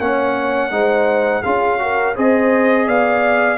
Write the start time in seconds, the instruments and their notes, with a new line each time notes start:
0.00 tuba A#3, trombone C#4, horn C#5, trumpet F#5
0.71 tuba G#3, trombone D#4, horn C5
1.44 tuba C#4, trombone F4, horn G#4, trumpet F5
1.79 trombone F#4, horn A#4
2.16 tuba C4, trombone G#4, horn C5, trumpet D#5
2.87 tuba B3, horn D5, trumpet F5